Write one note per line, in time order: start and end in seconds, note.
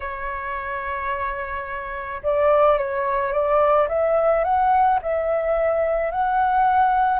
0.00 2.22 C#5
2.22 2.78 D5
2.78 3.32 C#5
3.32 3.88 D5
3.88 4.43 E5
4.43 4.99 F#5
5.02 6.11 E5
6.11 7.19 F#5